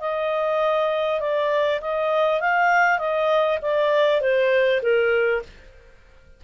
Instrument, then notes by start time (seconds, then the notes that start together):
clarinet
0.00 D#5
1.20 D5
1.81 D#5
2.41 F5
2.99 D#5
3.62 D5
4.21 C5
4.82 A#4